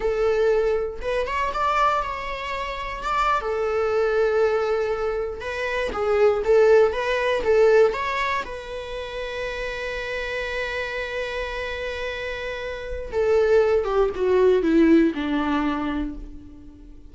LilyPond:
\new Staff \with { instrumentName = "viola" } { \time 4/4 \tempo 4 = 119 a'2 b'8 cis''8 d''4 | cis''2 d''8. a'4~ a'16~ | a'2~ a'8. b'4 gis'16~ | gis'8. a'4 b'4 a'4 cis''16~ |
cis''8. b'2.~ b'16~ | b'1~ | b'2 a'4. g'8 | fis'4 e'4 d'2 | }